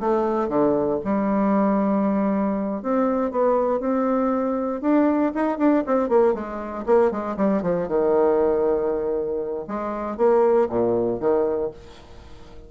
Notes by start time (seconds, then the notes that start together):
0.00 A3
0.48 D3
1.04 G3
2.82 C4
3.31 B3
3.80 C4
4.81 D4
5.34 D#4
5.58 D4
5.86 C4
6.09 A#3
6.34 G#3
6.86 A#3
7.11 G#3
7.37 G3
7.62 F3
7.88 D#3
9.67 G#3
10.17 A#3
10.69 A#2
11.20 D#3